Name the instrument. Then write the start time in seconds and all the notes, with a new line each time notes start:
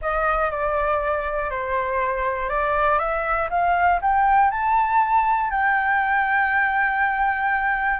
flute
0.01 D#5
0.50 D5
1.50 C5
2.49 D5
2.98 E5
3.50 F5
4.01 G5
4.50 A5
5.50 G5